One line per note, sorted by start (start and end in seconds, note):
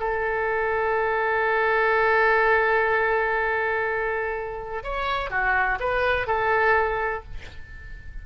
0.00 4.84 A4
4.84 5.30 C#5
5.30 5.79 F#4
5.80 6.27 B4
6.27 7.24 A4